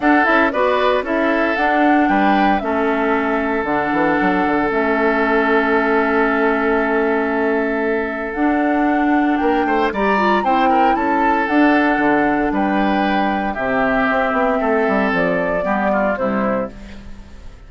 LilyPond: <<
  \new Staff \with { instrumentName = "flute" } { \time 4/4 \tempo 4 = 115 fis''8 e''8 d''4 e''4 fis''4 | g''4 e''2 fis''4~ | fis''4 e''2.~ | e''1 |
fis''2 g''4 ais''4 | g''4 a''4 fis''2 | g''2 e''2~ | e''4 d''2 c''4 | }
  \new Staff \with { instrumentName = "oboe" } { \time 4/4 a'4 b'4 a'2 | b'4 a'2.~ | a'1~ | a'1~ |
a'2 ais'8 c''8 d''4 | c''8 ais'8 a'2. | b'2 g'2 | a'2 g'8 f'8 e'4 | }
  \new Staff \with { instrumentName = "clarinet" } { \time 4/4 d'8 e'8 fis'4 e'4 d'4~ | d'4 cis'2 d'4~ | d'4 cis'2.~ | cis'1 |
d'2. g'8 f'8 | e'2 d'2~ | d'2 c'2~ | c'2 b4 g4 | }
  \new Staff \with { instrumentName = "bassoon" } { \time 4/4 d'8 cis'8 b4 cis'4 d'4 | g4 a2 d8 e8 | fis8 d8 a2.~ | a1 |
d'2 ais8 a8 g4 | c'4 cis'4 d'4 d4 | g2 c4 c'8 b8 | a8 g8 f4 g4 c4 | }
>>